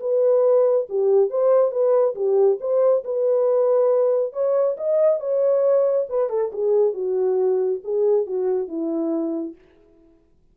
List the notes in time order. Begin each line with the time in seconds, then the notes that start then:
0.00 B4
0.89 G4
1.30 C5
1.71 B4
2.15 G4
2.60 C5
3.04 B4
4.33 C#5
4.77 D#5
5.20 C#5
6.09 B4
6.29 A4
6.52 G#4
6.93 F#4
7.84 G#4
8.26 F#4
8.68 E4